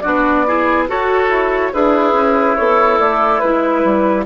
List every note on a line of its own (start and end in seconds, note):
0.00 0.89 B3
0.00 0.47 D4
0.00 0.46 F#4
0.00 0.85 D5
0.47 0.89 E4
0.47 0.89 G#4
0.89 1.73 F#4
0.89 1.29 F#4
0.89 1.73 A4
0.89 1.74 C#5
1.29 1.71 E4
1.73 2.13 D4
1.73 4.26 E4
1.73 2.58 G#4
1.73 2.57 B4
2.13 2.55 C#4
2.57 2.99 B3
2.57 3.43 A4
2.57 2.99 C#5
2.99 3.41 A3
2.99 3.39 D5
3.39 3.85 G#3
3.39 4.26 E4
3.39 4.24 B4
3.85 4.26 G3